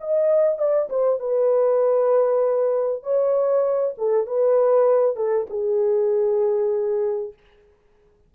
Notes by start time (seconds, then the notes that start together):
0.00 D#5
0.58 D5
0.89 C5
1.19 B4
3.03 C#5
3.97 A4
4.26 B4
5.16 A4
5.50 G#4